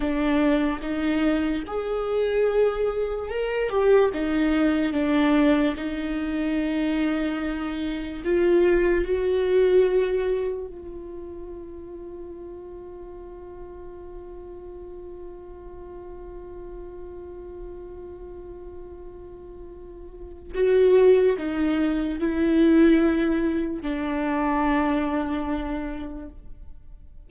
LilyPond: \new Staff \with { instrumentName = "viola" } { \time 4/4 \tempo 4 = 73 d'4 dis'4 gis'2 | ais'8 g'8 dis'4 d'4 dis'4~ | dis'2 f'4 fis'4~ | fis'4 f'2.~ |
f'1~ | f'1~ | f'4 fis'4 dis'4 e'4~ | e'4 d'2. | }